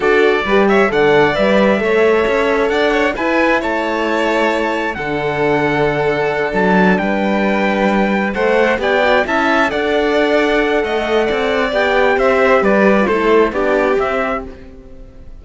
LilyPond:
<<
  \new Staff \with { instrumentName = "trumpet" } { \time 4/4 \tempo 4 = 133 d''4. e''8 fis''4 e''4~ | e''2 fis''4 gis''4 | a''2. fis''4~ | fis''2~ fis''8 a''4 g''8~ |
g''2~ g''8 fis''4 g''8~ | g''8 a''4 fis''2~ fis''8~ | fis''2 g''4 e''4 | d''4 c''4 d''4 e''4 | }
  \new Staff \with { instrumentName = "violin" } { \time 4/4 a'4 b'8 cis''8 d''2 | cis''2 d''8 cis''8 b'4 | cis''2. a'4~ | a'2.~ a'8 b'8~ |
b'2~ b'8 c''4 d''8~ | d''8 e''4 d''2~ d''8 | dis''4 d''2 c''4 | b'4 a'4 g'2 | }
  \new Staff \with { instrumentName = "horn" } { \time 4/4 fis'4 g'4 a'4 b'4 | a'2. e'4~ | e'2. d'4~ | d'1~ |
d'2~ d'8 a'4 g'8 | fis'8 e'4 a'2~ a'8~ | a'2 g'2~ | g'8. f'16 e'4 d'4 c'4 | }
  \new Staff \with { instrumentName = "cello" } { \time 4/4 d'4 g4 d4 g4 | a4 cis'4 d'4 e'4 | a2. d4~ | d2~ d8 fis4 g8~ |
g2~ g8 a4 b8~ | b8 cis'4 d'2~ d'8 | a4 c'4 b4 c'4 | g4 a4 b4 c'4 | }
>>